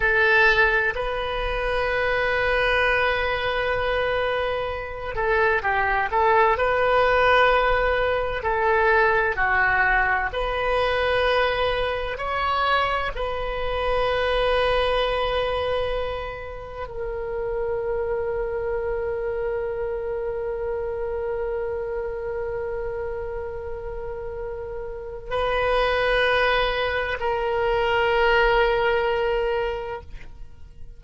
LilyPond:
\new Staff \with { instrumentName = "oboe" } { \time 4/4 \tempo 4 = 64 a'4 b'2.~ | b'4. a'8 g'8 a'8 b'4~ | b'4 a'4 fis'4 b'4~ | b'4 cis''4 b'2~ |
b'2 ais'2~ | ais'1~ | ais'2. b'4~ | b'4 ais'2. | }